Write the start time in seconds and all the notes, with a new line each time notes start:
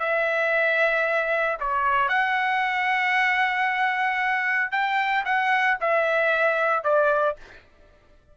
0.00 E5
1.61 C#5
2.09 F#5
4.72 G5
5.26 F#5
5.81 E5
6.84 D5